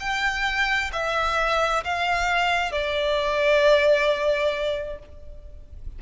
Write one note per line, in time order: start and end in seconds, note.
0.00 0.91 G5
0.93 1.83 E5
1.84 2.72 F5
2.72 4.99 D5